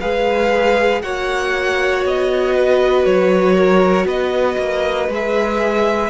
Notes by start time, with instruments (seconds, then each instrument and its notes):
0.00 cello G#3, viola G#4, violin B4 F5
1.02 cello A#3, viola F#4, violin C#5 F#5
2.04 cello B3, violin D#5
2.55 violin B4
3.05 cello F#3, violin C#5
3.55 violin A#4
4.05 cello B3, violin B4 D#5
4.57 cello A#3
5.08 cello G#3, viola G#4, violin E5